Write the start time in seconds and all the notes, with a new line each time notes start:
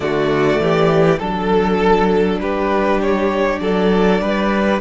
0.00 D3 A3 F#4 D5
0.59 E3 G4
1.18 F#3 D4 A4
2.39 G3 G4 B4
3.01 C#5
3.59 F#3 A4 D5
4.21 G3 B4